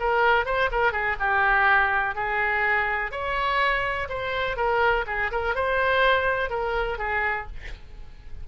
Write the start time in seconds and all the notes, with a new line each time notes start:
0.00 A#4
0.46 C5
0.72 A#4
0.92 G#4
1.20 G4
2.15 G#4
3.12 C#5
4.09 C5
4.57 A#4
5.07 G#4
5.32 A#4
5.55 C5
6.50 A#4
6.99 G#4